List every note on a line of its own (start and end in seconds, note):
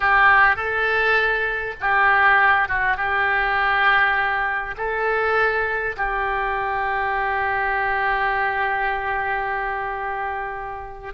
0.00 0.56 G4
0.56 1.74 A4
1.80 2.68 G4
2.68 2.96 F#4
2.96 4.75 G4
4.77 5.95 A4
5.96 11.13 G4